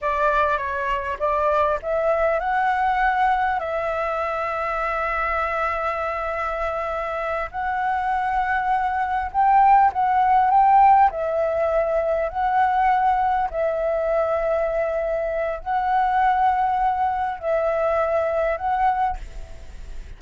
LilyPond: \new Staff \with { instrumentName = "flute" } { \time 4/4 \tempo 4 = 100 d''4 cis''4 d''4 e''4 | fis''2 e''2~ | e''1~ | e''8 fis''2. g''8~ |
g''8 fis''4 g''4 e''4.~ | e''8 fis''2 e''4.~ | e''2 fis''2~ | fis''4 e''2 fis''4 | }